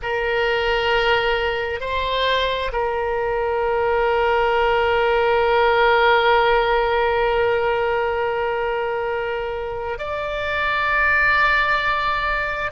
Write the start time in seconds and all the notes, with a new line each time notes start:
0.02 A#4
1.80 C5
2.72 A#4
9.98 D5